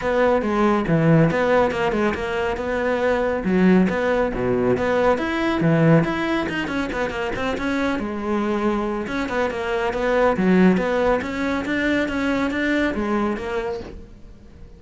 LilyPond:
\new Staff \with { instrumentName = "cello" } { \time 4/4 \tempo 4 = 139 b4 gis4 e4 b4 | ais8 gis8 ais4 b2 | fis4 b4 b,4 b4 | e'4 e4 e'4 dis'8 cis'8 |
b8 ais8 c'8 cis'4 gis4.~ | gis4 cis'8 b8 ais4 b4 | fis4 b4 cis'4 d'4 | cis'4 d'4 gis4 ais4 | }